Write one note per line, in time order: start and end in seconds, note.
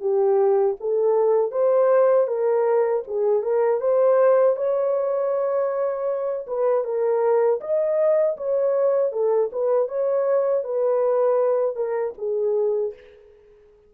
0.00 0.76 G4
0.80 1.51 A4
1.51 2.27 C5
2.27 3.03 A#4
3.07 3.42 G#4
3.42 3.80 A#4
3.80 4.56 C5
4.56 6.46 C#5
6.47 6.84 B4
6.84 7.60 A#4
7.60 8.36 D#5
8.37 9.12 C#5
9.12 9.50 A4
9.52 9.88 B4
9.88 10.63 C#5
10.63 11.75 B4
11.75 12.13 A#4
12.18 12.94 G#4